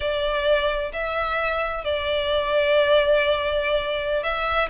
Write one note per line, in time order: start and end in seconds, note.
0.00 0.92 D5
0.92 1.84 E5
1.84 4.23 D5
4.23 4.68 E5